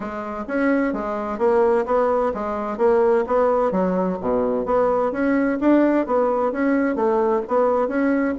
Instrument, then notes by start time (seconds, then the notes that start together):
bassoon
0.00 G#3
0.47 C#4
0.93 G#3
1.38 A#3
1.85 B3
2.33 G#3
2.77 A#3
3.26 B3
3.71 F#3
4.20 B2
4.65 B3
5.12 C#4
5.60 D4
6.06 B3
6.52 C#4
6.95 A3
7.48 B3
7.88 C#4